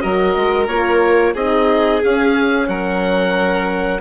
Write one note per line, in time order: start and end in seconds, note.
0.00 0.36 F#3
0.00 0.67 F#4
0.00 1.33 A#4
0.00 0.67 D#5
0.36 0.67 G#3
0.67 1.33 A#3
0.67 1.35 F4
0.67 1.34 C#5
1.33 2.01 C4
1.33 2.01 D#4
1.33 2.66 G#4
1.33 2.02 D#5
2.01 4.00 C#4
2.01 2.68 C#4
2.01 2.68 F5
2.68 4.00 F#3
2.68 4.00 A#4
2.68 4.00 F#5